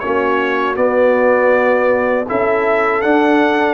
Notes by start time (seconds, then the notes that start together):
0.00 A#3 C#4 F#4 C#5
0.76 B3 D5
2.27 C#4 E4 A4 E5
3.02 D4 F#5